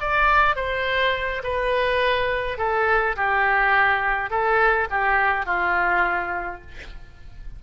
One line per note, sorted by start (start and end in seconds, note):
0.00 0.56 D5
0.56 1.42 C5
1.43 2.58 B4
2.58 3.16 A4
3.16 4.30 G4
4.30 4.88 A4
4.90 5.46 G4
5.46 6.61 F4